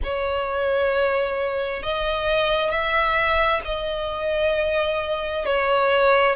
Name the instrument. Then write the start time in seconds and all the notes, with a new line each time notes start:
violin
0.03 C#5
1.83 D#5
2.70 E5
3.64 D#5
5.45 C#5